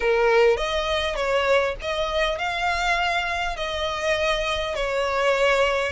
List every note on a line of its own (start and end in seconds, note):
0.00 0.56 A#4
0.56 1.15 D#5
1.15 1.75 C#5
1.81 2.38 D#5
2.38 3.56 F5
3.56 4.75 D#5
4.75 5.92 C#5